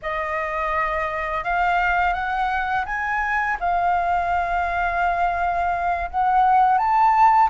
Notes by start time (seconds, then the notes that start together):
0.02 D#5
1.44 F5
2.13 F#5
2.85 G#5
3.59 F5
6.10 F#5
6.78 A5